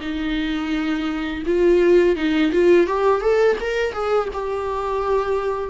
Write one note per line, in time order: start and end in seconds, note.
0.00 1.43 D#4
1.46 2.16 F4
2.16 2.51 D#4
2.52 2.87 F4
2.87 3.21 G4
3.21 3.56 A4
3.60 3.93 A#4
3.93 4.28 G#4
4.33 5.70 G4